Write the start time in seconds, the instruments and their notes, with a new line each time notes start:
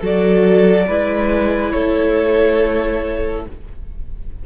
0.00 cello F#3, viola F#4, violin A4 D5
0.87 cello G#3, viola E4, violin B4
1.71 cello A3, violin A4 C#5